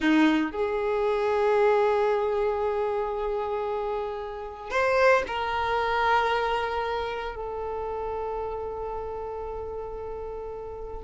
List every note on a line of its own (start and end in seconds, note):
0.00 0.51 D#4
0.51 4.70 G#4
4.70 5.23 C5
5.27 7.35 A#4
7.35 11.03 A4